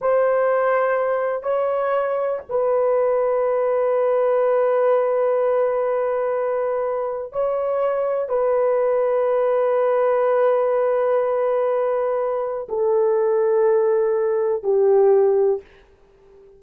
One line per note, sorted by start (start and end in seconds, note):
0.01 1.43 C5
1.43 2.40 C#5
2.49 7.32 B4
7.32 8.28 C#5
8.28 12.67 B4
12.68 14.63 A4
14.63 15.60 G4